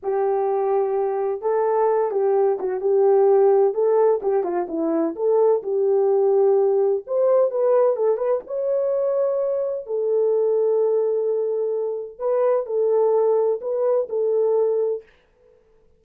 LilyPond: \new Staff \with { instrumentName = "horn" } { \time 4/4 \tempo 4 = 128 g'2. a'4~ | a'8 g'4 fis'8 g'2 | a'4 g'8 f'8 e'4 a'4 | g'2. c''4 |
b'4 a'8 b'8 cis''2~ | cis''4 a'2.~ | a'2 b'4 a'4~ | a'4 b'4 a'2 | }